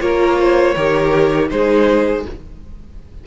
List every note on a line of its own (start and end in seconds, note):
0.00 0.75 A#3
0.00 0.74 F4
0.00 0.38 A#4
0.00 1.48 C#5
0.39 0.74 C5
0.74 1.50 D#3
0.74 1.49 G4
0.74 1.48 A#4
1.49 2.25 G#3
1.49 2.23 D#4
1.49 2.26 G#4
1.49 2.24 C5